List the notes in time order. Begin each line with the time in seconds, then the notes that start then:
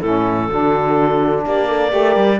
0.00 A2 C#4 E4 A4
0.50 D3 D4 F#4
1.45 A#3 G4 D5
1.68 A4
1.90 A3 G4 A#4
2.16 G3